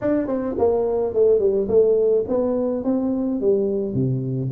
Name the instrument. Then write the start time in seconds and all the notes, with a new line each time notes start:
tuba
0.01 D4
0.27 C4
0.58 A#3
1.13 A3
1.39 G3
1.68 A3
2.28 B3
2.84 C4
3.41 G3
3.94 C3